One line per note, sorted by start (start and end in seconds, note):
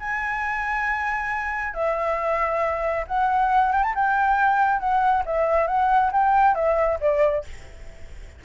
0.00 1.74 G#5
1.74 3.05 E5
3.08 3.73 F#5
3.73 3.84 G5
3.84 3.95 A5
3.95 4.80 G5
4.80 5.24 F#5
5.26 5.68 E5
5.68 6.12 F#5
6.13 6.56 G5
6.56 6.99 E5
7.01 7.45 D5